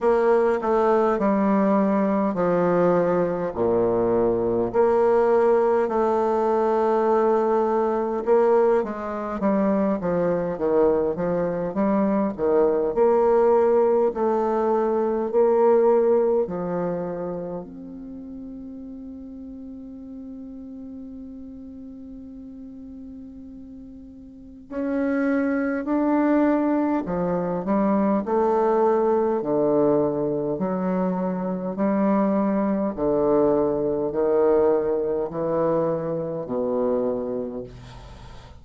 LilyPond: \new Staff \with { instrumentName = "bassoon" } { \time 4/4 \tempo 4 = 51 ais8 a8 g4 f4 ais,4 | ais4 a2 ais8 gis8 | g8 f8 dis8 f8 g8 dis8 ais4 | a4 ais4 f4 c'4~ |
c'1~ | c'4 cis'4 d'4 f8 g8 | a4 d4 fis4 g4 | d4 dis4 e4 b,4 | }